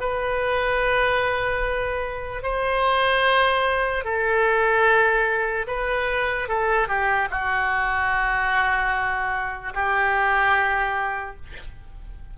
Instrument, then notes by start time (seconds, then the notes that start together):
oboe
0.00 B4
2.43 C5
4.04 A4
5.67 B4
6.48 A4
6.88 G4
7.30 F#4
9.74 G4